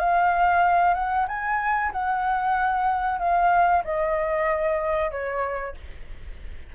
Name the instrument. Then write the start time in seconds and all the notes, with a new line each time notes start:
flute
0.00 F5
0.95 F#5
1.28 G#5
1.93 F#5
3.19 F5
3.85 D#5
5.12 C#5